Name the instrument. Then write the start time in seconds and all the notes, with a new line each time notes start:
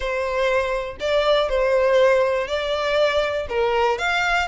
violin
0.00 C5
1.00 D5
1.49 C5
2.47 D5
3.49 A#4
3.98 F5